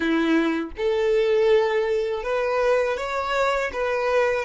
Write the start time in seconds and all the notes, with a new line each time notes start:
0.00 E4
0.77 A4
2.23 B4
2.97 C#5
3.72 B4